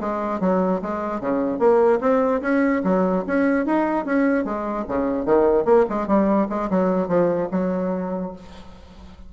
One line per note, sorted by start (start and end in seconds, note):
0.00 0.40 G#3
0.40 0.81 F#3
0.82 1.20 G#3
1.20 1.59 C#3
1.59 1.99 A#3
2.00 2.41 C4
2.41 2.82 C#4
2.84 3.24 F#3
3.27 3.66 C#4
3.66 4.05 D#4
4.05 4.44 C#4
4.44 4.85 G#3
4.88 5.25 C#3
5.25 5.65 D#3
5.65 5.85 A#3
5.89 6.07 G#3
6.07 6.48 G3
6.49 6.69 G#3
6.70 7.08 F#3
7.08 7.48 F3
7.51 8.32 F#3